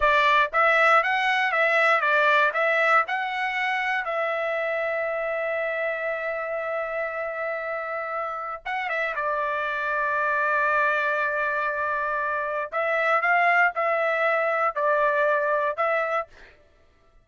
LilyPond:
\new Staff \with { instrumentName = "trumpet" } { \time 4/4 \tempo 4 = 118 d''4 e''4 fis''4 e''4 | d''4 e''4 fis''2 | e''1~ | e''1~ |
e''4 fis''8 e''8 d''2~ | d''1~ | d''4 e''4 f''4 e''4~ | e''4 d''2 e''4 | }